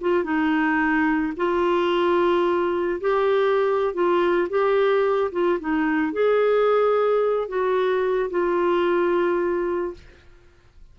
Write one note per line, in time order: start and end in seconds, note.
0.00 0.24 F4
0.24 1.33 D#4
1.36 3.00 F4
3.00 3.93 G4
3.93 4.48 F4
4.49 5.31 G4
5.32 5.59 F4
5.59 6.12 D#4
6.12 7.48 G#4
7.48 8.30 F#4
8.30 9.93 F4